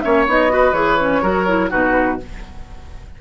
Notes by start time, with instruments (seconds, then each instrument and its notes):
0.00 bassoon A#3, clarinet C#4, oboe C#5, flute E5
0.27 bassoon B3, clarinet D#4, flute D#5
0.48 clarinet F#4, oboe B4
0.72 bassoon E3, clarinet G#4, flute C#5
0.99 clarinet C#4
1.22 bassoon F#3, clarinet F#4, oboe A#4
1.47 clarinet E4
1.69 bassoon B2, clarinet D#4, oboe F#4, flute B4